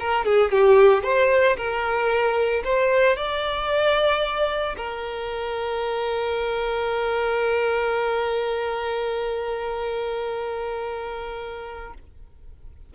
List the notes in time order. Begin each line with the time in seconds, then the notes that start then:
0.00 A#4
0.25 G#4
0.52 G4
1.04 C5
1.57 A#4
2.65 C5
3.17 D5
4.77 A#4